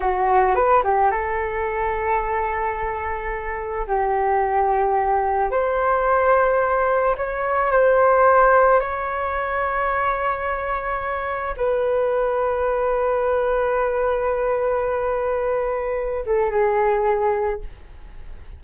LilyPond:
\new Staff \with { instrumentName = "flute" } { \time 4/4 \tempo 4 = 109 fis'4 b'8 g'8 a'2~ | a'2. g'4~ | g'2 c''2~ | c''4 cis''4 c''2 |
cis''1~ | cis''4 b'2.~ | b'1~ | b'4. a'8 gis'2 | }